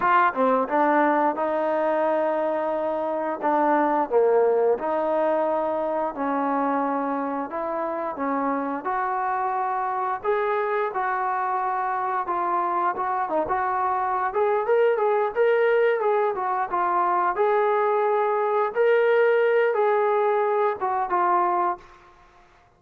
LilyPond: \new Staff \with { instrumentName = "trombone" } { \time 4/4 \tempo 4 = 88 f'8 c'8 d'4 dis'2~ | dis'4 d'4 ais4 dis'4~ | dis'4 cis'2 e'4 | cis'4 fis'2 gis'4 |
fis'2 f'4 fis'8 dis'16 fis'16~ | fis'4 gis'8 ais'8 gis'8 ais'4 gis'8 | fis'8 f'4 gis'2 ais'8~ | ais'4 gis'4. fis'8 f'4 | }